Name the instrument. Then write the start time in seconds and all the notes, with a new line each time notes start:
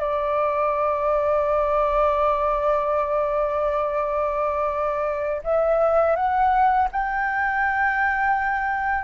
flute
0.00 D5
5.44 E5
6.16 F#5
6.92 G5